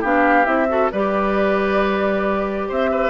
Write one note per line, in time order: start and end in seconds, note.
0.00 0.46 B3
0.00 0.44 D4
0.00 0.67 G4
0.00 0.45 F5
0.44 0.91 C4
0.44 0.66 E4
0.44 0.90 E5
0.68 0.90 F#4
0.68 0.91 A4
0.91 2.70 G3
0.91 3.10 G4
0.91 2.68 B4
0.91 2.69 D5
2.68 3.10 C4
2.68 2.90 C5
2.68 3.10 E5
2.91 3.10 B4